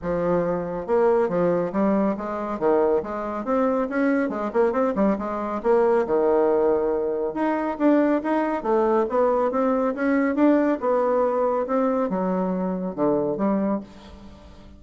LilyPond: \new Staff \with { instrumentName = "bassoon" } { \time 4/4 \tempo 4 = 139 f2 ais4 f4 | g4 gis4 dis4 gis4 | c'4 cis'4 gis8 ais8 c'8 g8 | gis4 ais4 dis2~ |
dis4 dis'4 d'4 dis'4 | a4 b4 c'4 cis'4 | d'4 b2 c'4 | fis2 d4 g4 | }